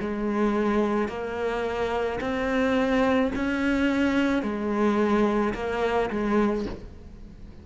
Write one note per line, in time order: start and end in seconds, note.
0.00 1.08 G#3
1.08 2.19 A#3
2.20 3.31 C4
3.35 4.42 C#4
4.42 5.54 G#3
5.54 6.10 A#3
6.10 6.66 G#3